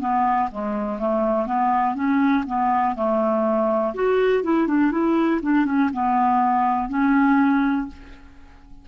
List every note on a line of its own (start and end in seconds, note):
0.00 0.49 B3
0.52 0.99 G#3
0.99 1.47 A3
1.47 1.95 B3
1.95 2.45 C#4
2.47 2.96 B3
2.96 3.94 A3
3.95 4.44 F#4
4.44 4.68 E4
4.68 4.92 D4
4.92 5.41 E4
5.42 5.66 D4
5.66 5.90 C#4
5.93 6.89 B3
6.89 7.88 C#4